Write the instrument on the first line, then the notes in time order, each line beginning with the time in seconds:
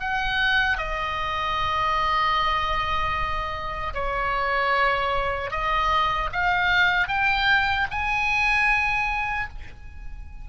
oboe
0.00 F#5
0.78 D#5
3.94 C#5
5.51 D#5
6.33 F5
7.08 G5
7.91 G#5